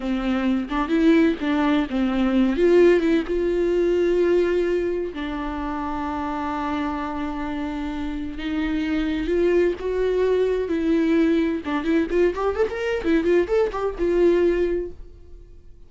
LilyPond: \new Staff \with { instrumentName = "viola" } { \time 4/4 \tempo 4 = 129 c'4. d'8 e'4 d'4 | c'4. f'4 e'8 f'4~ | f'2. d'4~ | d'1~ |
d'2 dis'2 | f'4 fis'2 e'4~ | e'4 d'8 e'8 f'8 g'8 a'16 ais'8. | e'8 f'8 a'8 g'8 f'2 | }